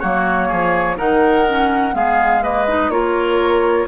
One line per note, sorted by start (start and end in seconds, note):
0.00 0.52 F#3
0.00 0.97 A#3
0.00 0.48 F#4
0.00 0.97 C#5
0.48 0.99 F3
0.48 0.97 G#4
0.97 1.94 D#3
0.97 1.45 D#4
0.97 1.94 A#4
0.97 1.95 F#5
1.49 1.93 C#4
1.93 2.89 G#3
1.93 2.42 B3
1.93 2.43 G#4
1.93 2.44 F5
2.42 2.66 A#3
2.42 2.92 B4
2.42 2.91 D#5
2.68 2.91 D#4
2.89 3.86 A#3
2.89 3.88 F4
2.89 3.88 A#4
2.89 3.88 C#5